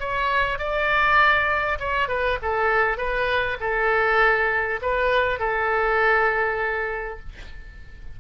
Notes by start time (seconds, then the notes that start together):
0.00 C#5
0.59 D5
1.80 C#5
2.08 B4
2.42 A4
2.98 B4
3.60 A4
4.82 B4
5.40 A4